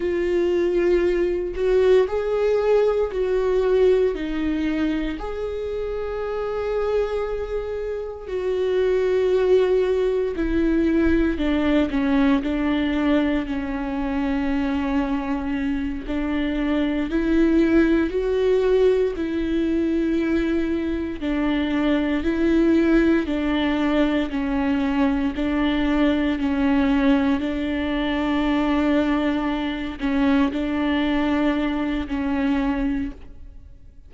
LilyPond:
\new Staff \with { instrumentName = "viola" } { \time 4/4 \tempo 4 = 58 f'4. fis'8 gis'4 fis'4 | dis'4 gis'2. | fis'2 e'4 d'8 cis'8 | d'4 cis'2~ cis'8 d'8~ |
d'8 e'4 fis'4 e'4.~ | e'8 d'4 e'4 d'4 cis'8~ | cis'8 d'4 cis'4 d'4.~ | d'4 cis'8 d'4. cis'4 | }